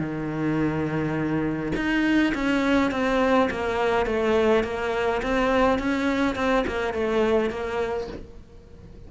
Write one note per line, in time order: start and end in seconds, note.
0.00 1.73 D#3
1.76 2.34 D#4
2.35 2.92 C#4
2.92 3.50 C4
3.51 4.07 A#3
4.07 4.64 A3
4.64 5.22 A#3
5.23 5.79 C4
5.79 6.36 C#4
6.36 6.65 C4
6.67 6.94 A#3
6.94 7.51 A3
7.51 8.08 A#3